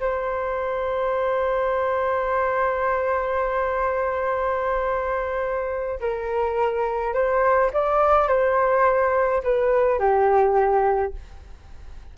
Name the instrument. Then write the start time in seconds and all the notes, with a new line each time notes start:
flute
0.00 C5
6.01 A#4
7.14 C5
7.73 D5
8.28 C5
9.44 B4
9.99 G4